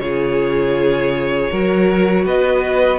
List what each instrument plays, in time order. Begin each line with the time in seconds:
0.00 cello C#3, viola F4, violin G#4 C#5
1.51 cello F#3, viola F#4, violin A#4
2.25 cello B3, violin B4 D#5